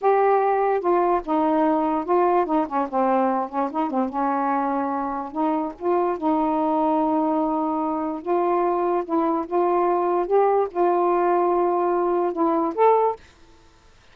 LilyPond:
\new Staff \with { instrumentName = "saxophone" } { \time 4/4 \tempo 4 = 146 g'2 f'4 dis'4~ | dis'4 f'4 dis'8 cis'8 c'4~ | c'8 cis'8 dis'8 c'8 cis'2~ | cis'4 dis'4 f'4 dis'4~ |
dis'1 | f'2 e'4 f'4~ | f'4 g'4 f'2~ | f'2 e'4 a'4 | }